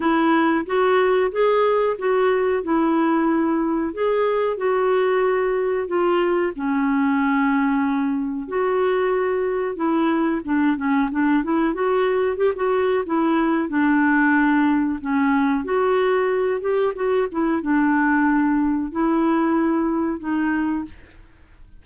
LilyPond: \new Staff \with { instrumentName = "clarinet" } { \time 4/4 \tempo 4 = 92 e'4 fis'4 gis'4 fis'4 | e'2 gis'4 fis'4~ | fis'4 f'4 cis'2~ | cis'4 fis'2 e'4 |
d'8 cis'8 d'8 e'8 fis'4 g'16 fis'8. | e'4 d'2 cis'4 | fis'4. g'8 fis'8 e'8 d'4~ | d'4 e'2 dis'4 | }